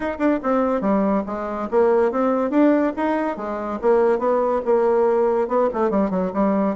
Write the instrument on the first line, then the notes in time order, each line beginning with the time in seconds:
bassoon
0.00 D#4
0.18 D4
0.42 C4
0.81 G3
1.26 G#3
1.70 A#3
2.11 C4
2.50 D4
2.96 D#4
3.36 G#3
3.81 A#3
4.19 B3
4.65 A#3
5.47 B3
5.73 A3
5.90 G3
6.10 F#3
6.33 G3